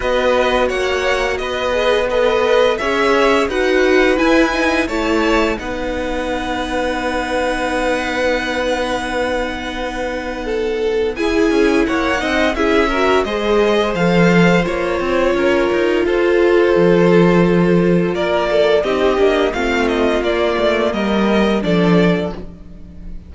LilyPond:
<<
  \new Staff \with { instrumentName = "violin" } { \time 4/4 \tempo 4 = 86 dis''4 fis''4 dis''4 b'4 | e''4 fis''4 gis''4 a''4 | fis''1~ | fis''1 |
gis''4 fis''4 e''4 dis''4 | f''4 cis''2 c''4~ | c''2 d''4 dis''4 | f''8 dis''8 d''4 dis''4 d''4 | }
  \new Staff \with { instrumentName = "violin" } { \time 4/4 b'4 cis''4 b'4 dis''4 | cis''4 b'2 cis''4 | b'1~ | b'2. a'4 |
gis'4 cis''8 dis''8 gis'8 ais'8 c''4~ | c''2 ais'4 a'4~ | a'2 ais'8 a'8 g'4 | f'2 ais'4 a'4 | }
  \new Staff \with { instrumentName = "viola" } { \time 4/4 fis'2~ fis'8 gis'8 a'4 | gis'4 fis'4 e'8 dis'8 e'4 | dis'1~ | dis'1 |
e'4. dis'8 e'8 fis'8 gis'4 | a'4 f'2.~ | f'2. dis'8 d'8 | c'4 ais2 d'4 | }
  \new Staff \with { instrumentName = "cello" } { \time 4/4 b4 ais4 b2 | cis'4 dis'4 e'4 a4 | b1~ | b1 |
e'8 cis'8 ais8 c'8 cis'4 gis4 | f4 ais8 c'8 cis'8 dis'8 f'4 | f2 ais4 c'8 ais8 | a4 ais8 a8 g4 f4 | }
>>